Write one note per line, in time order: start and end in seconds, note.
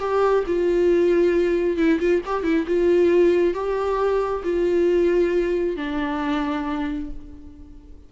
0.00 0.44 G4
0.47 1.78 F4
1.78 2.00 E4
2.00 2.22 F4
2.26 2.44 G4
2.44 2.66 E4
2.68 3.54 F4
3.54 4.43 G4
4.44 5.77 F4
5.77 7.10 D4